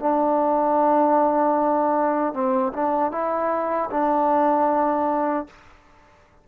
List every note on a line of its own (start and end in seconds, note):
0.00 2.34 D4
2.34 2.73 C4
2.73 3.12 D4
3.12 3.90 E4
3.91 5.47 D4